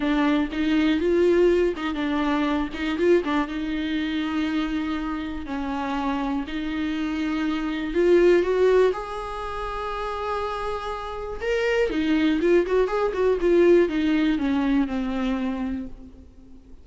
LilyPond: \new Staff \with { instrumentName = "viola" } { \time 4/4 \tempo 4 = 121 d'4 dis'4 f'4. dis'8 | d'4. dis'8 f'8 d'8 dis'4~ | dis'2. cis'4~ | cis'4 dis'2. |
f'4 fis'4 gis'2~ | gis'2. ais'4 | dis'4 f'8 fis'8 gis'8 fis'8 f'4 | dis'4 cis'4 c'2 | }